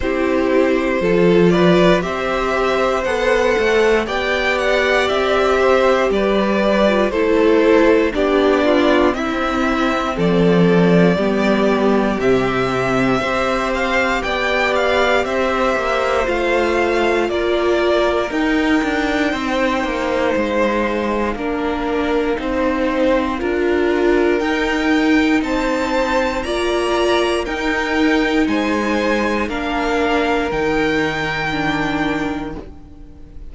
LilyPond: <<
  \new Staff \with { instrumentName = "violin" } { \time 4/4 \tempo 4 = 59 c''4. d''8 e''4 fis''4 | g''8 fis''8 e''4 d''4 c''4 | d''4 e''4 d''2 | e''4. f''8 g''8 f''8 e''4 |
f''4 d''4 g''2 | f''1 | g''4 a''4 ais''4 g''4 | gis''4 f''4 g''2 | }
  \new Staff \with { instrumentName = "violin" } { \time 4/4 g'4 a'8 b'8 c''2 | d''4. c''8 b'4 a'4 | g'8 f'8 e'4 a'4 g'4~ | g'4 c''4 d''4 c''4~ |
c''4 ais'2 c''4~ | c''4 ais'4 c''4 ais'4~ | ais'4 c''4 d''4 ais'4 | c''4 ais'2. | }
  \new Staff \with { instrumentName = "viola" } { \time 4/4 e'4 f'4 g'4 a'4 | g'2~ g'8. f'16 e'4 | d'4 c'2 b4 | c'4 g'2. |
f'2 dis'2~ | dis'4 d'4 dis'4 f'4 | dis'2 f'4 dis'4~ | dis'4 d'4 dis'4 d'4 | }
  \new Staff \with { instrumentName = "cello" } { \time 4/4 c'4 f4 c'4 b8 a8 | b4 c'4 g4 a4 | b4 c'4 f4 g4 | c4 c'4 b4 c'8 ais8 |
a4 ais4 dis'8 d'8 c'8 ais8 | gis4 ais4 c'4 d'4 | dis'4 c'4 ais4 dis'4 | gis4 ais4 dis2 | }
>>